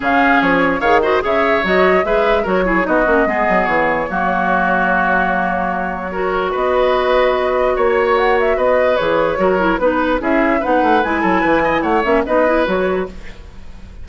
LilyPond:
<<
  \new Staff \with { instrumentName = "flute" } { \time 4/4 \tempo 4 = 147 f''4 cis''4 f''8 dis''8 e''4 | dis''4 e''4 cis''4 dis''4~ | dis''4 cis''2.~ | cis''1 |
dis''2. cis''4 | fis''8 e''8 dis''4 cis''2 | b'4 e''4 fis''4 gis''4~ | gis''4 fis''8 e''8 dis''4 cis''4 | }
  \new Staff \with { instrumentName = "oboe" } { \time 4/4 gis'2 cis''8 c''8 cis''4~ | cis''4 b'4 ais'8 gis'8 fis'4 | gis'2 fis'2~ | fis'2. ais'4 |
b'2. cis''4~ | cis''4 b'2 ais'4 | b'4 gis'4 b'4. a'8 | b'8 dis''8 cis''4 b'2 | }
  \new Staff \with { instrumentName = "clarinet" } { \time 4/4 cis'2 gis'8 fis'8 gis'4 | fis'4 gis'4 fis'8 e'8 dis'8 cis'8 | b2 ais2~ | ais2. fis'4~ |
fis'1~ | fis'2 gis'4 fis'8 e'8 | dis'4 e'4 dis'4 e'4~ | e'4. cis'8 dis'8 e'8 fis'4 | }
  \new Staff \with { instrumentName = "bassoon" } { \time 4/4 cis4 f4 dis4 cis4 | fis4 gis4 fis4 b8 ais8 | gis8 fis8 e4 fis2~ | fis1 |
b2. ais4~ | ais4 b4 e4 fis4 | b4 cis'4 b8 a8 gis8 fis8 | e4 a8 ais8 b4 fis4 | }
>>